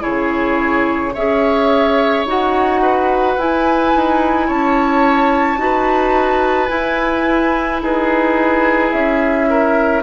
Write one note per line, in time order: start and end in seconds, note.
0.00 1.16 C#3
0.00 1.11 E4
0.00 1.14 G#4
0.00 1.14 C#5
1.14 2.25 C#4
1.14 2.27 G#4
1.14 2.80 C#5
1.14 2.25 E5
2.25 3.36 D#4
2.25 3.38 F#4
2.25 3.39 F#5
2.82 4.47 B4
3.37 3.92 E4
3.37 5.58 E4
3.37 4.50 G#5
3.96 4.50 D#4
4.47 5.58 C#4
4.47 5.58 C#5
4.47 6.69 A5
5.58 6.69 D#4
5.58 6.69 F#4
5.58 7.82 B4
6.69 10.02 E4
6.69 7.81 E4
6.69 7.80 G#5
7.81 8.92 D#4
7.81 9.49 G#4
7.81 8.92 B4
8.92 10.03 C#4
8.92 10.03 E5
9.50 10.03 A#4